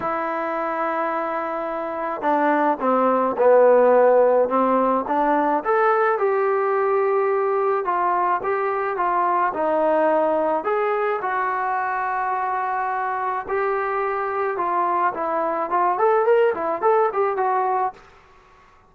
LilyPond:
\new Staff \with { instrumentName = "trombone" } { \time 4/4 \tempo 4 = 107 e'1 | d'4 c'4 b2 | c'4 d'4 a'4 g'4~ | g'2 f'4 g'4 |
f'4 dis'2 gis'4 | fis'1 | g'2 f'4 e'4 | f'8 a'8 ais'8 e'8 a'8 g'8 fis'4 | }